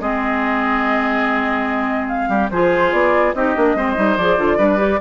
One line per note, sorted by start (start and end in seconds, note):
0.00 2.29 G#3
0.00 2.51 C4
0.00 2.30 G#4
0.00 2.09 D#5
2.09 2.50 F5
2.29 2.50 G3
2.29 2.50 G4
2.51 2.92 F3
2.51 3.35 F4
2.51 3.36 G#4
2.51 2.92 C5
2.92 3.34 B3
2.92 3.34 D5
3.34 3.56 C4
3.34 3.56 D#4
3.34 3.77 G4
3.34 4.18 D#5
3.56 3.75 A#3
3.56 3.76 D4
3.75 3.96 G#3
3.75 3.96 C4
3.75 4.58 C5
3.96 4.17 G3
3.96 4.17 D#4
4.17 4.38 F3
4.17 4.38 G#4
4.17 5.01 D5
4.38 4.58 D3
4.38 4.58 F4
4.58 5.00 G3
4.58 4.78 D4
4.58 4.99 B4
4.78 4.99 G4